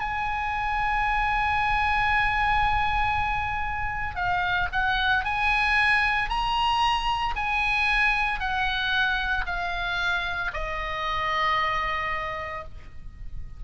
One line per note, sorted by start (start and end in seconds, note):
0.00 4.15 G#5
4.15 4.68 F5
4.72 5.25 F#5
5.25 6.29 G#5
6.29 7.34 A#5
7.35 8.40 G#5
8.40 9.45 F#5
9.46 10.51 F5
10.54 12.64 D#5